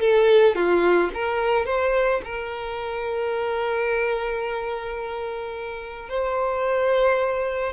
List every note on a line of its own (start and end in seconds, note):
0.00 0.55 A4
0.55 1.10 F4
1.14 1.65 A#4
1.65 2.20 C5
2.24 6.09 A#4
6.09 7.73 C5